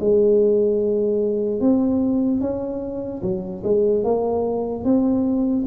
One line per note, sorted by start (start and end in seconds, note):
0.00 1.60 G#3
1.60 2.41 C4
2.41 3.22 C#4
3.22 3.63 F#3
3.63 4.04 G#3
4.04 4.84 A#3
4.84 5.65 C4